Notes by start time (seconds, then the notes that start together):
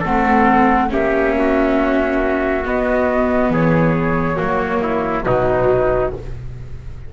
0.00 A3 C4 A4 F#5
0.89 A#3 C#4 G4 E5
1.38 F#4
2.65 B3 D#5
3.49 E3 G#4 C#5
4.36 F#3 A#3 F#4
4.82 E4
5.24 B2 F#3 D#4 B4